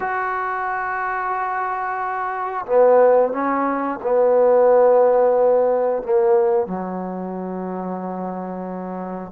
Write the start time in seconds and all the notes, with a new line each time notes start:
0.00 F#4
2.65 B3
3.32 C#4
4.02 B3
6.02 A#3
6.66 F#3